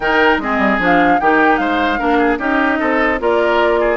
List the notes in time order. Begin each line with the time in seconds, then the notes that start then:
0.00 D#3 D#4 A#4 G5
0.38 G#3 C4 G#4 D#5
0.58 G3
0.78 F3 D4
0.85 F5
1.20 D#3 D#4 G4 G5
1.56 G#3 C5 F5
1.98 A#3 D4 A#4
2.18 G#4
2.38 C#4 D#4 G4 D#5
2.79 C4 A4
3.19 A#3 F4 A#4 D5
3.79 G#4